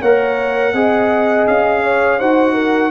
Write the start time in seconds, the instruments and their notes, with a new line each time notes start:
0.00 tuba A#3, trombone A#4, horn C#5, trumpet F#5
0.73 tuba C4, trombone G#4, horn D#5
1.47 tuba C#4, trumpet F5
1.83 horn C#5
2.19 tuba D#4, trombone F#4, horn C5, trumpet F#5
2.54 horn A#4